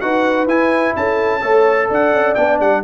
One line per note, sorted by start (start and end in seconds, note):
0.00 0.46 D#4
0.00 0.48 F#4
0.00 0.97 B4
0.00 0.47 F#5
0.46 0.94 E4
0.46 1.41 E4
0.46 0.95 G#5
0.96 1.43 C#4
0.96 1.41 A4
0.96 1.90 A5
1.41 1.90 A3
1.41 2.35 A4
1.41 1.88 C#5
1.89 2.12 D4
1.89 2.83 D5
1.89 2.34 F#5
2.12 2.35 C#4
2.34 2.60 B3
2.34 2.83 D4
2.34 2.58 G5
2.60 2.83 G3
2.60 2.83 F#5